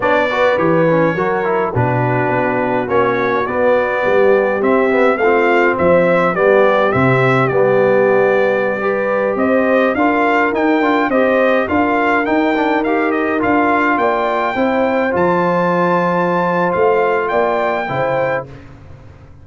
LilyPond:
<<
  \new Staff \with { instrumentName = "trumpet" } { \time 4/4 \tempo 4 = 104 d''4 cis''2 b'4~ | b'4 cis''4 d''2 | e''4 f''4 e''4 d''4 | e''4 d''2.~ |
d''16 dis''4 f''4 g''4 dis''8.~ | dis''16 f''4 g''4 f''8 dis''8 f''8.~ | f''16 g''2 a''4.~ a''16~ | a''4 f''4 g''2 | }
  \new Staff \with { instrumentName = "horn" } { \time 4/4 cis''8 b'4. ais'4 fis'4~ | fis'2. g'4~ | g'4 f'4 c''4 g'4~ | g'2.~ g'16 b'8.~ |
b'16 c''4 ais'2 c''8.~ | c''16 ais'2.~ ais'8.~ | ais'16 d''4 c''2~ c''8.~ | c''2 d''4 c''4 | }
  \new Staff \with { instrumentName = "trombone" } { \time 4/4 d'8 fis'8 g'8 cis'8 fis'8 e'8 d'4~ | d'4 cis'4 b2 | c'8 b8 c'2 b4 | c'4 b2~ b16 g'8.~ |
g'4~ g'16 f'4 dis'8 f'8 g'8.~ | g'16 f'4 dis'8 d'8 g'4 f'8.~ | f'4~ f'16 e'4 f'4.~ f'16~ | f'2. e'4 | }
  \new Staff \with { instrumentName = "tuba" } { \time 4/4 b4 e4 fis4 b,4 | b4 ais4 b4 g4 | c'4 a4 f4 g4 | c4 g2.~ |
g16 c'4 d'4 dis'8 d'8 c'8.~ | c'16 d'4 dis'2 d'8.~ | d'16 ais4 c'4 f4.~ f16~ | f4 a4 ais4 cis4 | }
>>